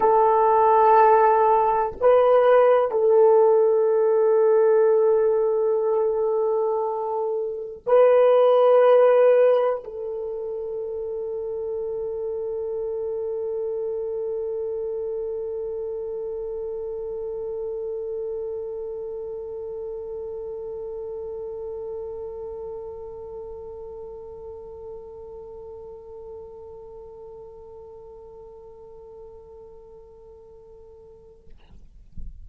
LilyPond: \new Staff \with { instrumentName = "horn" } { \time 4/4 \tempo 4 = 61 a'2 b'4 a'4~ | a'1 | b'2 a'2~ | a'1~ |
a'1~ | a'1~ | a'1~ | a'1 | }